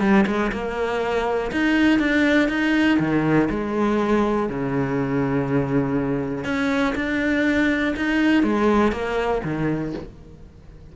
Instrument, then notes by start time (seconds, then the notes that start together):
cello
0.00 G3
0.26 G#3
0.52 A#3
1.51 D#4
1.99 D4
2.49 D#4
2.99 D#3
3.50 G#3
4.49 C#3
6.44 C#4
6.95 D4
7.96 D#4
8.43 G#3
8.92 A#3
9.44 D#3